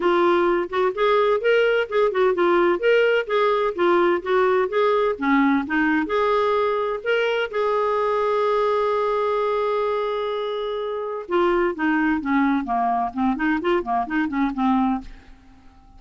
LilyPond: \new Staff \with { instrumentName = "clarinet" } { \time 4/4 \tempo 4 = 128 f'4. fis'8 gis'4 ais'4 | gis'8 fis'8 f'4 ais'4 gis'4 | f'4 fis'4 gis'4 cis'4 | dis'4 gis'2 ais'4 |
gis'1~ | gis'1 | f'4 dis'4 cis'4 ais4 | c'8 dis'8 f'8 ais8 dis'8 cis'8 c'4 | }